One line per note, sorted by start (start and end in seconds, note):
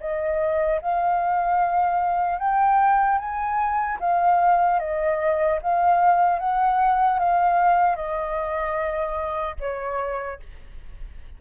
0.00 0.80 D#5
0.81 2.39 F5
2.39 3.18 G5
3.18 3.98 G#5
4.00 4.79 F5
4.79 5.59 D#5
5.61 6.39 F5
6.39 7.19 F#5
7.19 7.96 F5
7.96 9.56 D#5
9.60 10.40 C#5